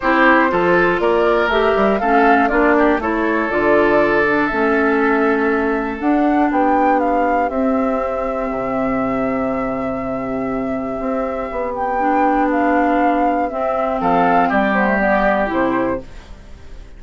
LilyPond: <<
  \new Staff \with { instrumentName = "flute" } { \time 4/4 \tempo 4 = 120 c''2 d''4 e''4 | f''4 d''4 cis''4 d''4~ | d''4 e''2. | fis''4 g''4 f''4 e''4~ |
e''1~ | e''2.~ e''8 g''8~ | g''4 f''2 e''4 | f''4 d''8 c''8 d''4 c''4 | }
  \new Staff \with { instrumentName = "oboe" } { \time 4/4 g'4 a'4 ais'2 | a'4 f'8 g'8 a'2~ | a'1~ | a'4 g'2.~ |
g'1~ | g'1~ | g'1 | a'4 g'2. | }
  \new Staff \with { instrumentName = "clarinet" } { \time 4/4 e'4 f'2 g'4 | cis'4 d'4 e'4 f'4~ | f'8 d'8 cis'2. | d'2. c'4~ |
c'1~ | c'1 | d'2. c'4~ | c'4. b16 a16 b4 e'4 | }
  \new Staff \with { instrumentName = "bassoon" } { \time 4/4 c'4 f4 ais4 a8 g8 | a4 ais4 a4 d4~ | d4 a2. | d'4 b2 c'4~ |
c'4 c2.~ | c2 c'4 b4~ | b2. c'4 | f4 g2 c4 | }
>>